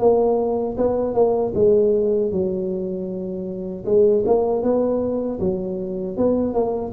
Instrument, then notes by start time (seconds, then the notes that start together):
tuba
0.00 A#3
0.78 B3
1.15 A#3
1.55 G#3
2.32 F#3
3.86 G#3
4.26 A#3
4.63 B3
5.40 F#3
6.17 B3
6.54 A#3